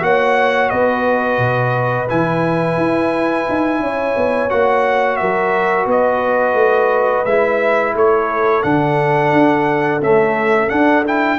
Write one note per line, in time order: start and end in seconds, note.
0.00 0.70 A#3
0.00 2.07 F#4
0.00 0.71 C#5
0.00 0.69 F#5
0.69 1.38 B3
0.69 3.81 B4
0.69 2.07 D#5
1.38 2.07 B2
2.09 2.76 E3
2.09 4.49 E4
2.09 4.50 G#5
2.76 3.45 E4
3.48 3.80 D#4
3.80 4.14 C#4
3.80 5.20 C#5
4.16 4.51 B3
4.49 5.21 A#3
4.49 7.25 F#4
4.49 5.16 F#5
5.16 5.86 F#3
5.16 5.86 A#4
5.16 5.85 E5
5.86 6.53 B3
5.86 7.93 B4
5.86 7.25 D#5
6.53 7.22 A3
7.25 7.94 G#3
7.25 8.63 E4
7.25 7.94 E5
7.94 8.63 A3
7.94 11.38 A4
7.94 8.63 C#5
8.63 9.32 D3
8.63 10.01 D4
8.63 10.01 F#5
9.32 10.01 D4
10.01 10.70 A3
10.01 10.70 C#4
10.01 10.69 E5
10.69 11.04 D4
10.69 11.38 D4
10.69 11.04 F#5
11.04 11.38 E4
11.04 11.38 G5